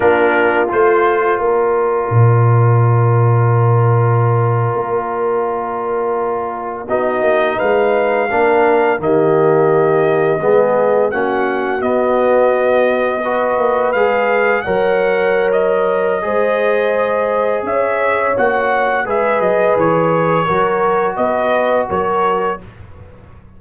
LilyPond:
<<
  \new Staff \with { instrumentName = "trumpet" } { \time 4/4 \tempo 4 = 85 ais'4 c''4 d''2~ | d''1~ | d''4.~ d''16 dis''4 f''4~ f''16~ | f''8. dis''2. fis''16~ |
fis''8. dis''2. f''16~ | f''8. fis''4~ fis''16 dis''2~ | dis''4 e''4 fis''4 e''8 dis''8 | cis''2 dis''4 cis''4 | }
  \new Staff \with { instrumentName = "horn" } { \time 4/4 f'2 ais'2~ | ais'1~ | ais'4.~ ais'16 fis'4 b'4 ais'16~ | ais'8. g'2 gis'4 fis'16~ |
fis'2~ fis'8. b'4~ b'16~ | b'8. cis''2~ cis''16 c''4~ | c''4 cis''2 b'4~ | b'4 ais'4 b'4 ais'4 | }
  \new Staff \with { instrumentName = "trombone" } { \time 4/4 d'4 f'2.~ | f'1~ | f'4.~ f'16 dis'2 d'16~ | d'8. ais2 b4 cis'16~ |
cis'8. b2 fis'4 gis'16~ | gis'8. ais'2~ ais'16 gis'4~ | gis'2 fis'4 gis'4~ | gis'4 fis'2. | }
  \new Staff \with { instrumentName = "tuba" } { \time 4/4 ais4 a4 ais4 ais,4~ | ais,2~ ais,8. ais4~ ais16~ | ais4.~ ais16 b8 ais8 gis4 ais16~ | ais8. dis2 gis4 ais16~ |
ais8. b2~ b8 ais8 gis16~ | gis8. fis2~ fis16 gis4~ | gis4 cis'4 ais4 gis8 fis8 | e4 fis4 b4 fis4 | }
>>